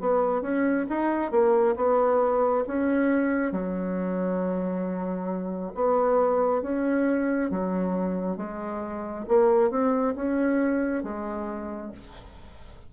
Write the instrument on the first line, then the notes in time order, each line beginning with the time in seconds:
bassoon
0.00 B3
0.41 C#4
0.89 D#4
1.31 A#3
1.76 B3
2.67 C#4
3.51 F#3
5.74 B3
6.62 C#4
7.50 F#3
8.36 G#3
9.28 A#3
9.70 C4
10.15 C#4
11.03 G#3